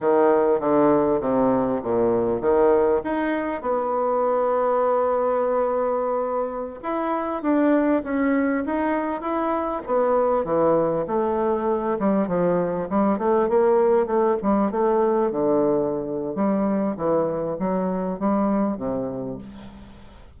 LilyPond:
\new Staff \with { instrumentName = "bassoon" } { \time 4/4 \tempo 4 = 99 dis4 d4 c4 ais,4 | dis4 dis'4 b2~ | b2.~ b16 e'8.~ | e'16 d'4 cis'4 dis'4 e'8.~ |
e'16 b4 e4 a4. g16~ | g16 f4 g8 a8 ais4 a8 g16~ | g16 a4 d4.~ d16 g4 | e4 fis4 g4 c4 | }